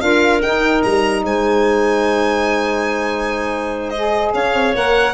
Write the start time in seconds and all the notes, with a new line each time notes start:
0.00 D4 F4 A#4 F5
0.41 D#4 G5
0.82 G3 A#5
1.23 G#3 C5 G#5
3.90 D#5
3.96 G#4
4.34 C#4 C#5 F5
4.53 C4
4.74 A#3 A#4 F#5